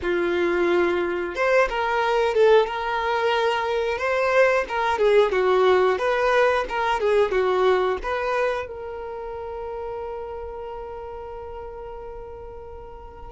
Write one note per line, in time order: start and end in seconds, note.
0.02 1.35 F4
1.35 1.68 C5
1.68 2.34 A#4
2.34 2.66 A4
2.66 3.98 A#4
3.98 4.65 C5
4.68 4.98 A#4
4.98 5.32 G#4
5.32 5.98 F#4
5.98 6.65 B4
6.68 6.99 A#4
6.99 7.31 G#4
7.31 7.97 F#4
8.02 8.67 B4
8.67 13.32 A#4